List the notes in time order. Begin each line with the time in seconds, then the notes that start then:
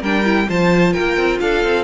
0.00 G3 D4 A#4 G5
0.24 E4
0.48 F3 F4 C5 A5
0.92 A#4 G5
0.98 A#3
1.16 C4
1.40 D4 A4 F5
1.63 C4